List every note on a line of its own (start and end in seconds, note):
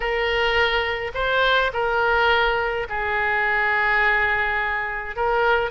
0.00 1.11 A#4
1.14 1.71 C5
1.73 2.87 A#4
2.89 5.16 G#4
5.16 5.70 A#4